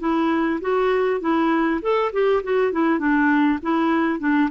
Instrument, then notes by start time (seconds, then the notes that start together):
clarinet
0.00 E4
0.61 F#4
1.21 E4
1.82 A4
2.13 G4
2.44 F#4
2.72 E4
2.99 D4
3.62 E4
4.19 D4